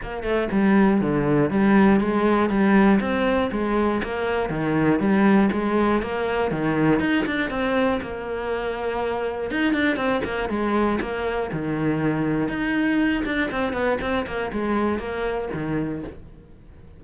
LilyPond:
\new Staff \with { instrumentName = "cello" } { \time 4/4 \tempo 4 = 120 ais8 a8 g4 d4 g4 | gis4 g4 c'4 gis4 | ais4 dis4 g4 gis4 | ais4 dis4 dis'8 d'8 c'4 |
ais2. dis'8 d'8 | c'8 ais8 gis4 ais4 dis4~ | dis4 dis'4. d'8 c'8 b8 | c'8 ais8 gis4 ais4 dis4 | }